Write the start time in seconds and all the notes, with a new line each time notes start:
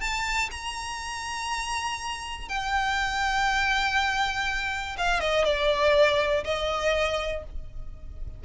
0.00 A5
0.51 A#5
2.48 G5
4.97 F5
5.20 D#5
5.44 D5
6.44 D#5